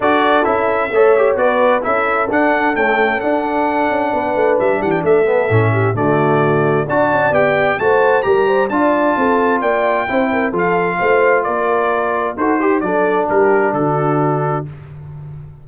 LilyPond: <<
  \new Staff \with { instrumentName = "trumpet" } { \time 4/4 \tempo 4 = 131 d''4 e''2 d''4 | e''4 fis''4 g''4 fis''4~ | fis''2 e''8 fis''16 g''16 e''4~ | e''4 d''2 a''4 |
g''4 a''4 ais''4 a''4~ | a''4 g''2 f''4~ | f''4 d''2 c''4 | d''4 ais'4 a'2 | }
  \new Staff \with { instrumentName = "horn" } { \time 4/4 a'2 cis''4 b'4 | a'1~ | a'4 b'4. g'8 a'4~ | a'8 g'8 fis'2 d''4~ |
d''4 c''4 ais'8 c''8 d''4 | a'4 d''4 c''8 ais'8 a'4 | c''4 ais'2 a'8 g'8 | a'4 g'4 fis'2 | }
  \new Staff \with { instrumentName = "trombone" } { \time 4/4 fis'4 e'4 a'8 g'8 fis'4 | e'4 d'4 a4 d'4~ | d'2.~ d'8 b8 | cis'4 a2 fis'4 |
g'4 fis'4 g'4 f'4~ | f'2 e'4 f'4~ | f'2. fis'8 g'8 | d'1 | }
  \new Staff \with { instrumentName = "tuba" } { \time 4/4 d'4 cis'4 a4 b4 | cis'4 d'4 cis'4 d'4~ | d'8 cis'8 b8 a8 g8 e8 a4 | a,4 d2 d'8 cis'8 |
b4 a4 g4 d'4 | c'4 ais4 c'4 f4 | a4 ais2 dis'4 | fis4 g4 d2 | }
>>